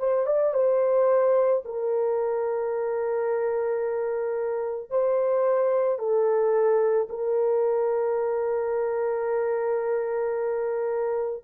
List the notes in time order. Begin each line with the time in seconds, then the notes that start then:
0.00 C5
0.27 D5
0.55 C5
1.66 A#4
4.90 C5
5.99 A4
7.10 A#4